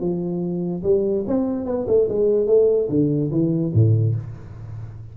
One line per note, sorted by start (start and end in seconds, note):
0.00 0.83 F3
0.83 1.25 G3
1.27 1.66 C4
1.66 1.86 B3
1.88 2.08 A3
2.09 2.47 G#3
2.47 2.88 A3
2.89 3.31 D3
3.31 3.72 E3
3.74 4.15 A2